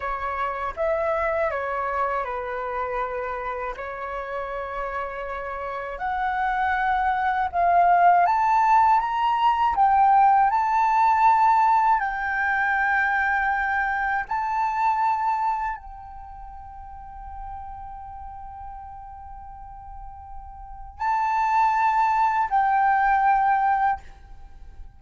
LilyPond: \new Staff \with { instrumentName = "flute" } { \time 4/4 \tempo 4 = 80 cis''4 e''4 cis''4 b'4~ | b'4 cis''2. | fis''2 f''4 a''4 | ais''4 g''4 a''2 |
g''2. a''4~ | a''4 g''2.~ | g''1 | a''2 g''2 | }